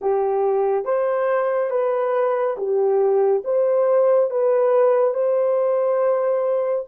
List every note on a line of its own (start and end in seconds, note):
0.01 0.85 G4
0.85 1.70 C5
1.70 2.56 B4
2.57 3.42 G4
3.44 4.30 C5
4.30 5.14 B4
5.14 6.85 C5